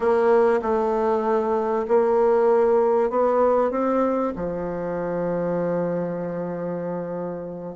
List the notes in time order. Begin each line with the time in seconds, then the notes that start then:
0.00 A#3
0.62 A3
1.88 A#3
3.09 B3
3.70 C4
4.35 F3